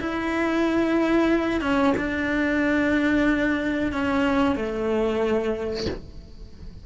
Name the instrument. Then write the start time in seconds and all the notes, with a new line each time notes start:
cello
0.00 E4
1.61 C#4
1.97 D4
3.92 C#4
4.56 A3